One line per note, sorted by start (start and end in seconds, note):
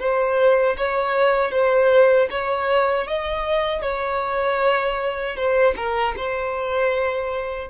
0.00 0.77 C5
0.78 1.52 C#5
1.52 2.29 C5
2.31 3.08 C#5
3.08 3.83 D#5
3.83 5.36 C#5
5.36 5.75 C5
5.77 6.15 A#4
6.17 7.71 C5